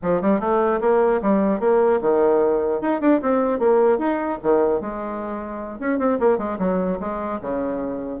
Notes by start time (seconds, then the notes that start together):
0.02 F3
0.21 G3
0.39 A3
0.80 A#3
1.21 G3
1.59 A#3
2.01 D#3
2.81 D#4
3.00 D4
3.21 C4
3.59 A#3
3.98 D#4
4.42 D#3
4.81 G#3
5.79 C#4
5.99 C4
6.19 A#3
6.37 G#3
6.59 F#3
7.00 G#3
7.41 C#3